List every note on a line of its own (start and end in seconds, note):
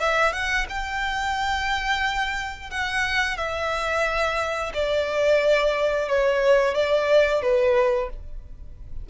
0.00 0.33 E5
0.33 0.66 F#5
0.70 2.71 G5
2.71 3.38 F#5
3.38 4.73 E5
4.74 6.09 D5
6.09 6.75 C#5
6.75 7.42 D5
7.42 8.10 B4